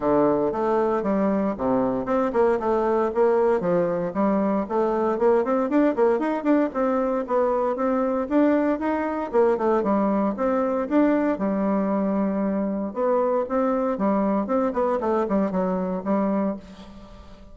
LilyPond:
\new Staff \with { instrumentName = "bassoon" } { \time 4/4 \tempo 4 = 116 d4 a4 g4 c4 | c'8 ais8 a4 ais4 f4 | g4 a4 ais8 c'8 d'8 ais8 | dis'8 d'8 c'4 b4 c'4 |
d'4 dis'4 ais8 a8 g4 | c'4 d'4 g2~ | g4 b4 c'4 g4 | c'8 b8 a8 g8 fis4 g4 | }